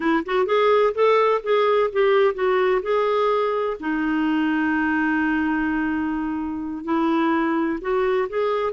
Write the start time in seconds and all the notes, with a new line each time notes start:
0.00 E4
0.25 F#4
0.46 G#4
0.94 A4
1.43 G#4
1.92 G4
2.34 F#4
2.82 G#4
3.80 D#4
6.84 E4
7.81 F#4
8.29 G#4